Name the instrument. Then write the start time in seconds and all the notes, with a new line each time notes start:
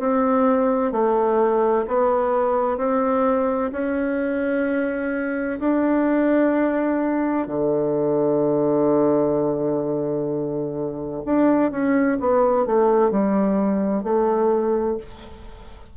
bassoon
0.00 C4
0.92 A3
1.88 B3
2.78 C4
3.72 C#4
5.60 D4
7.47 D3
11.25 D4
11.71 C#4
12.20 B3
12.66 A3
13.11 G3
14.04 A3